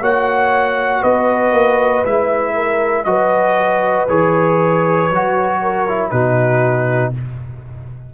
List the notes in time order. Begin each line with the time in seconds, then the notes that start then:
0.00 A#3 F#4 C#5 F#5
1.01 B3 B4 D#5
1.51 A#3
2.05 G#3 E4 E5
2.54 A#4
3.04 F#3 F#4 B4 D#5
4.09 E3 G#4 C#5
5.10 F#3 F#4
5.62 A#4
5.88 E4
6.10 B2 D#4 F#4 B4